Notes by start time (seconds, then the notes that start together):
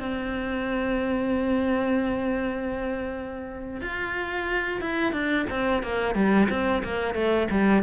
0.00 C4
3.82 F4
4.82 E4
5.13 D4
5.50 C4
5.83 A#3
6.15 G3
6.50 C4
6.84 A#3
7.15 A3
7.51 G3